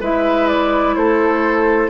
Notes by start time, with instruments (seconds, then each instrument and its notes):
0.00 bassoon G#3, clarinet E4, oboe B4, flute E5
0.47 flute D5
0.95 bassoon A3, oboe A4, flute C5